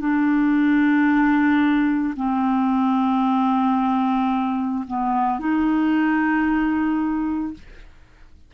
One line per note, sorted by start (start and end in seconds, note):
0.00 2.14 D4
2.16 4.84 C4
4.87 5.39 B3
5.39 7.53 D#4